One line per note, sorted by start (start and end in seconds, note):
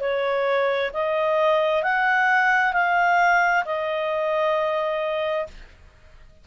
0.00 0.91 C#5
0.93 1.83 D#5
1.83 2.74 F#5
2.74 3.64 F5
3.65 5.47 D#5